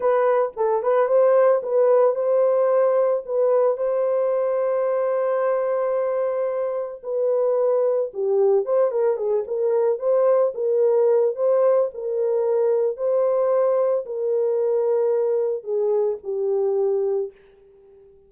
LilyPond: \new Staff \with { instrumentName = "horn" } { \time 4/4 \tempo 4 = 111 b'4 a'8 b'8 c''4 b'4 | c''2 b'4 c''4~ | c''1~ | c''4 b'2 g'4 |
c''8 ais'8 gis'8 ais'4 c''4 ais'8~ | ais'4 c''4 ais'2 | c''2 ais'2~ | ais'4 gis'4 g'2 | }